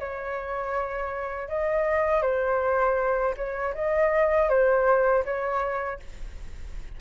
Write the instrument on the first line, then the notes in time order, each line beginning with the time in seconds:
flute
0.00 C#5
1.49 D#5
2.22 C5
3.37 C#5
3.75 D#5
4.49 C5
5.25 C#5